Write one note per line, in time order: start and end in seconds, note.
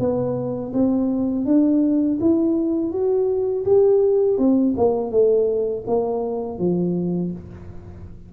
0.00 0.73 B3
0.74 1.46 C4
1.46 2.19 D4
2.21 2.92 E4
2.92 3.65 F#4
3.66 4.38 G4
4.38 4.75 C4
4.77 5.12 A#3
5.12 5.85 A3
5.87 6.59 A#3
6.59 7.32 F3